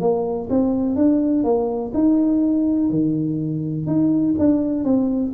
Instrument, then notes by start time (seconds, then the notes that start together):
tuba
0.00 A#3
0.50 C4
0.95 D4
1.43 A#3
1.94 D#4
2.90 D#3
3.86 D#4
4.39 D4
4.84 C4